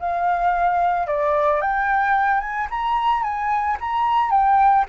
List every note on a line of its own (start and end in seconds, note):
0.00 1.08 F5
1.08 1.62 D5
1.62 2.41 G5
2.41 2.68 G#5
2.71 3.24 A#5
3.24 3.78 G#5
3.81 4.31 A#5
4.31 4.86 G5